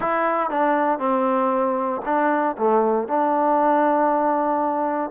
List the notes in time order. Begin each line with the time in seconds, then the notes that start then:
0.00 E4
0.50 D4
0.99 C4
2.05 D4
2.57 A3
3.07 D4